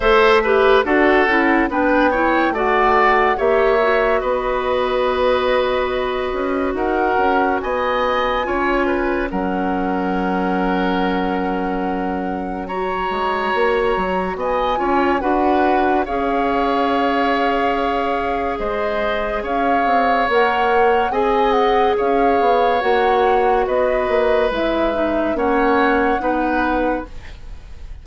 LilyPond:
<<
  \new Staff \with { instrumentName = "flute" } { \time 4/4 \tempo 4 = 71 e''4 fis''4 g''4 fis''4 | e''4 dis''2. | fis''4 gis''2 fis''4~ | fis''2. ais''4~ |
ais''4 gis''4 fis''4 f''4~ | f''2 dis''4 f''4 | fis''4 gis''8 fis''8 f''4 fis''4 | dis''4 e''4 fis''2 | }
  \new Staff \with { instrumentName = "oboe" } { \time 4/4 c''8 b'8 a'4 b'8 cis''8 d''4 | cis''4 b'2. | ais'4 dis''4 cis''8 b'8 ais'4~ | ais'2. cis''4~ |
cis''4 dis''8 cis''8 b'4 cis''4~ | cis''2 c''4 cis''4~ | cis''4 dis''4 cis''2 | b'2 cis''4 b'4 | }
  \new Staff \with { instrumentName = "clarinet" } { \time 4/4 a'8 g'8 fis'8 e'8 d'8 e'8 fis'4 | g'8 fis'2.~ fis'8~ | fis'2 f'4 cis'4~ | cis'2. fis'4~ |
fis'4. f'8 fis'4 gis'4~ | gis'1 | ais'4 gis'2 fis'4~ | fis'4 e'8 dis'8 cis'4 dis'4 | }
  \new Staff \with { instrumentName = "bassoon" } { \time 4/4 a4 d'8 cis'8 b4 a4 | ais4 b2~ b8 cis'8 | dis'8 cis'8 b4 cis'4 fis4~ | fis2.~ fis8 gis8 |
ais8 fis8 b8 cis'8 d'4 cis'4~ | cis'2 gis4 cis'8 c'8 | ais4 c'4 cis'8 b8 ais4 | b8 ais8 gis4 ais4 b4 | }
>>